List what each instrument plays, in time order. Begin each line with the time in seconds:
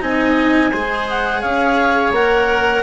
0.00 bassoon C4, cello D#4, oboe D#5, clarinet G#5
0.71 bassoon G#3, cello G#4, oboe C5
1.10 clarinet F#5
1.41 bassoon C#4, oboe C#5, clarinet F5
2.12 bassoon A#3, cello A#4, clarinet F#5